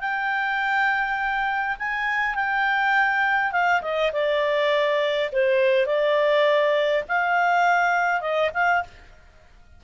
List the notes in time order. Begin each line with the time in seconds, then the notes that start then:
0.00 G5
1.79 G#5
2.35 G5
3.52 F5
3.82 D#5
4.12 D5
5.32 C5
5.86 D5
7.08 F5
8.21 D#5
8.54 F5